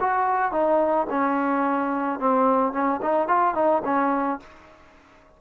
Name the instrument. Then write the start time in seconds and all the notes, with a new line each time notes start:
trombone
0.00 F#4
0.52 D#4
1.10 C#4
2.19 C4
2.72 C#4
3.02 D#4
3.27 F4
3.54 D#4
3.85 C#4